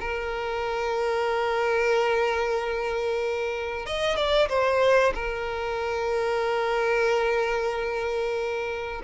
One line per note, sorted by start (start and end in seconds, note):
0.00 3.86 A#4
3.86 4.16 D#5
4.16 4.49 D5
4.49 5.13 C5
5.14 9.01 A#4